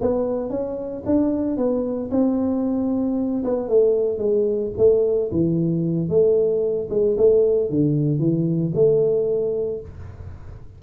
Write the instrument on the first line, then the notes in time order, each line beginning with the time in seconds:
tuba
0.00 B3
0.49 C#4
1.05 D4
1.57 B3
2.11 C4
3.44 B3
3.68 A3
4.18 G#3
4.77 A3
5.31 E3
6.08 A3
6.90 G#3
7.17 A3
7.69 D3
8.19 E3
8.74 A3